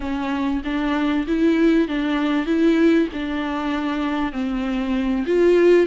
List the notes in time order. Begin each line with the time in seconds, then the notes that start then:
0.00 C#4
0.64 D4
1.27 E4
1.88 D4
2.46 E4
3.13 D4
4.32 C4
5.26 F4